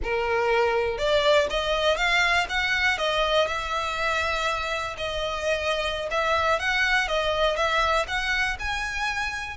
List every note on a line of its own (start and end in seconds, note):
0.03 0.98 A#4
0.98 1.47 D5
1.50 1.97 D#5
1.97 2.46 F5
2.49 2.98 F#5
2.98 3.47 D#5
3.47 4.96 E5
4.97 6.09 D#5
6.10 6.59 E5
6.59 7.08 F#5
7.08 7.56 D#5
7.56 8.06 E5
8.07 8.57 F#5
8.59 9.57 G#5